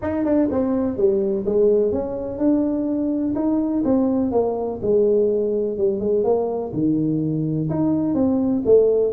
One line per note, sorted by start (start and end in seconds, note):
0.02 0.24 D#4
0.24 0.48 D4
0.51 0.96 C4
0.96 1.44 G3
1.45 1.92 G#3
1.92 2.38 C#4
2.38 3.34 D4
3.35 3.83 D#4
3.84 4.31 C4
4.31 4.79 A#3
4.82 5.77 G#3
5.77 6.00 G3
6.00 6.24 G#3
6.24 6.72 A#3
6.73 7.69 D#3
7.69 8.14 D#4
8.14 8.62 C4
8.65 9.12 A3